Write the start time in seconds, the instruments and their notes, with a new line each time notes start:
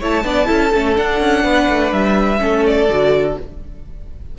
0.00 cello A3, viola E4, violin C#5 A5
0.24 cello B3, viola D4, violin D5
0.46 cello C#4, viola E4, violin A4
0.73 cello A3, viola C#4
0.96 viola D4, cello D4, violin F#5
1.20 cello C#4
1.44 cello B3, violin B4
1.69 cello A3
1.92 cello G3, violin E5
2.39 cello A3, viola C#4, violin A4
2.66 violin D5
2.89 cello D3, viola F#4